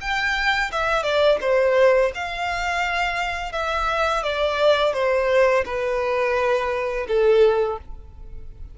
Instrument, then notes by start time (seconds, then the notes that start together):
violin
0.00 G5
0.72 E5
1.02 D5
1.41 C5
2.14 F5
3.52 E5
4.23 D5
4.93 C5
5.65 B4
7.07 A4